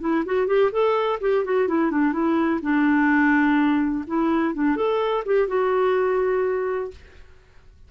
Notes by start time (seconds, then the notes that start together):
0.00 E4
0.25 F#4
0.47 G4
0.71 A4
1.20 G4
1.45 F#4
1.68 E4
1.91 D4
2.12 E4
2.61 D4
4.07 E4
4.54 D4
4.76 A4
5.25 G4
5.48 F#4